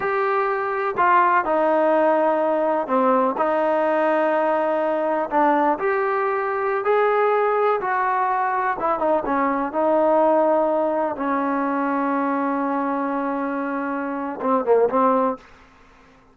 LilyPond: \new Staff \with { instrumentName = "trombone" } { \time 4/4 \tempo 4 = 125 g'2 f'4 dis'4~ | dis'2 c'4 dis'4~ | dis'2. d'4 | g'2~ g'16 gis'4.~ gis'16~ |
gis'16 fis'2 e'8 dis'8 cis'8.~ | cis'16 dis'2. cis'8.~ | cis'1~ | cis'2 c'8 ais8 c'4 | }